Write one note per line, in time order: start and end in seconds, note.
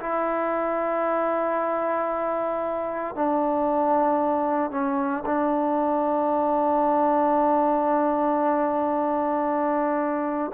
0.00 3.15 E4
3.15 4.71 D4
4.71 5.24 C#4
5.26 10.52 D4